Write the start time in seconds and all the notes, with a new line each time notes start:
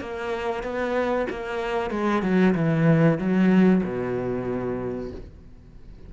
0.00 A#3
0.63 B3
1.30 A#3
1.90 G#3
2.22 F#3
2.54 E3
3.18 F#3
3.83 B2